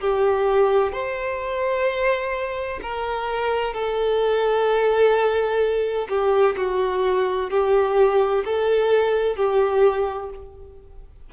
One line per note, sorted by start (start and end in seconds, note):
0.00 0.92 G4
0.92 2.80 C5
2.82 3.73 A#4
3.73 6.08 A4
6.08 6.55 G4
6.56 7.50 F#4
7.50 8.44 G4
8.44 9.35 A4
9.35 10.29 G4